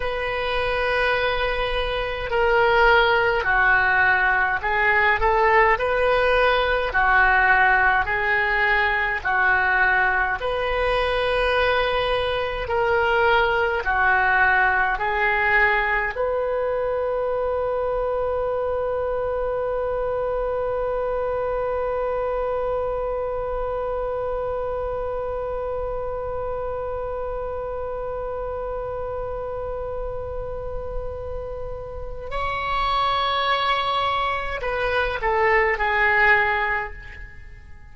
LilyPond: \new Staff \with { instrumentName = "oboe" } { \time 4/4 \tempo 4 = 52 b'2 ais'4 fis'4 | gis'8 a'8 b'4 fis'4 gis'4 | fis'4 b'2 ais'4 | fis'4 gis'4 b'2~ |
b'1~ | b'1~ | b'1 | cis''2 b'8 a'8 gis'4 | }